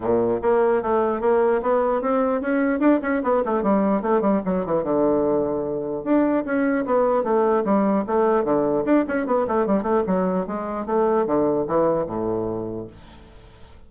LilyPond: \new Staff \with { instrumentName = "bassoon" } { \time 4/4 \tempo 4 = 149 ais,4 ais4 a4 ais4 | b4 c'4 cis'4 d'8 cis'8 | b8 a8 g4 a8 g8 fis8 e8 | d2. d'4 |
cis'4 b4 a4 g4 | a4 d4 d'8 cis'8 b8 a8 | g8 a8 fis4 gis4 a4 | d4 e4 a,2 | }